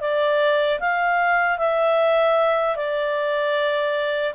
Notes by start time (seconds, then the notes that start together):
0.00 D5
0.79 F5
1.58 E5
2.76 D5